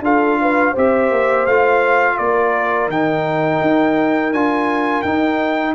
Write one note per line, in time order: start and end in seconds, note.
0.00 0.71 D4
0.00 0.75 F4
0.00 0.39 A4
0.00 0.76 F5
0.41 0.72 B4
0.72 1.10 C4
0.72 1.47 G4
0.72 2.15 C5
0.72 1.46 E5
1.10 1.46 A#3
1.46 2.17 A3
1.46 2.91 F4
1.46 2.17 F5
2.17 2.87 A#3
2.17 5.74 A#4
2.17 2.89 D5
2.87 3.59 D#3
2.87 4.33 D#4
2.87 4.33 G5
3.61 4.32 D#4
4.32 5.03 D4
4.32 5.05 F4
4.32 5.02 G#5
5.02 5.74 D#4
5.02 5.73 G5